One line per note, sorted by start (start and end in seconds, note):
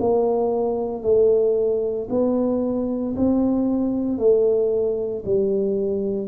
0.00 1.03 A#3
1.03 2.08 A3
2.10 3.15 B3
3.16 4.19 C4
4.19 5.24 A3
5.25 6.28 G3